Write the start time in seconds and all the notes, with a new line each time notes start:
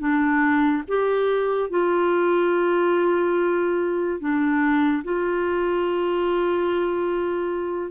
0.00 D4
0.88 G4
1.70 F4
4.20 D4
5.04 F4